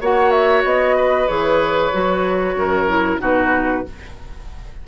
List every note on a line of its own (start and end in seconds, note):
0.00 0.63 A#3
0.00 1.27 F#4
0.00 0.96 C#5
0.00 0.30 F#5
0.30 0.62 E5
0.63 1.27 B3
0.63 1.28 D#5
0.96 2.55 B4
1.27 1.92 E3
1.27 1.91 G#4
1.27 3.19 C#5
1.92 2.55 F#3
1.92 2.87 F#4
2.55 3.18 F#2
2.55 3.20 A#4
2.87 3.19 E4
3.19 3.84 B2
3.19 3.83 D#4
3.19 3.84 F#4
3.19 3.87 B4